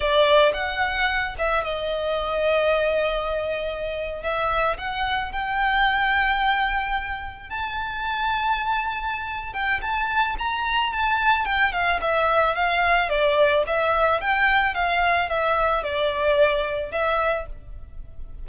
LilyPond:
\new Staff \with { instrumentName = "violin" } { \time 4/4 \tempo 4 = 110 d''4 fis''4. e''8 dis''4~ | dis''2.~ dis''8. e''16~ | e''8. fis''4 g''2~ g''16~ | g''4.~ g''16 a''2~ a''16~ |
a''4. g''8 a''4 ais''4 | a''4 g''8 f''8 e''4 f''4 | d''4 e''4 g''4 f''4 | e''4 d''2 e''4 | }